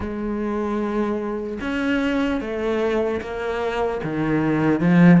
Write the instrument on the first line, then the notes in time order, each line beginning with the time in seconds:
cello
0.00 G#3
1.60 C#4
2.40 A3
3.21 A#3
4.03 D#3
4.80 F3